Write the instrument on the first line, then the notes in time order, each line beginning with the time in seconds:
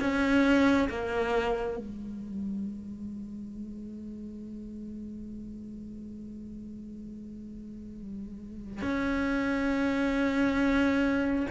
cello
0.00 C#4
0.89 A#3
1.77 G#3
8.81 C#4